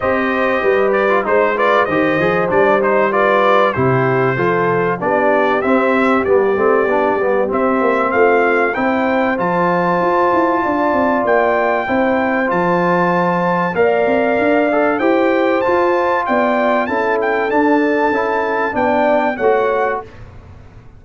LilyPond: <<
  \new Staff \with { instrumentName = "trumpet" } { \time 4/4 \tempo 4 = 96 dis''4. d''8 c''8 d''8 dis''4 | d''8 c''8 d''4 c''2 | d''4 e''4 d''2 | e''4 f''4 g''4 a''4~ |
a''2 g''2 | a''2 f''2 | g''4 a''4 g''4 a''8 g''8 | a''2 g''4 fis''4 | }
  \new Staff \with { instrumentName = "horn" } { \time 4/4 c''4 b'4 c''8 b'8 c''4~ | c''4 b'4 g'4 a'4 | g'1~ | g'4 f'4 c''2~ |
c''4 d''2 c''4~ | c''2 d''2 | c''2 d''4 a'4~ | a'2 d''4 cis''4 | }
  \new Staff \with { instrumentName = "trombone" } { \time 4/4 g'4.~ g'16 f'16 dis'8 f'8 g'8 gis'8 | d'8 dis'8 f'4 e'4 f'4 | d'4 c'4 b8 c'8 d'8 b8 | c'2 e'4 f'4~ |
f'2. e'4 | f'2 ais'4. a'8 | g'4 f'2 e'4 | d'4 e'4 d'4 fis'4 | }
  \new Staff \with { instrumentName = "tuba" } { \time 4/4 c'4 g4 gis4 dis8 f8 | g2 c4 f4 | b4 c'4 g8 a8 b8 g8 | c'8 ais8 a4 c'4 f4 |
f'8 e'8 d'8 c'8 ais4 c'4 | f2 ais8 c'8 d'4 | e'4 f'4 b4 cis'4 | d'4 cis'4 b4 a4 | }
>>